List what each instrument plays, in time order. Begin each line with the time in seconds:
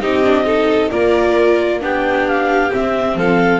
0.00 double bass C4, viola D#4, violin G4, clarinet D#5
0.23 viola D4
0.44 viola D#4, violin A4
0.90 double bass A#3, viola F4, violin A#4, clarinet D5
1.80 double bass B3, viola D4, violin G4, clarinet G5
2.27 clarinet F5
2.71 viola C4, double bass C4, clarinet E5
3.15 double bass F3, violin A4, clarinet F5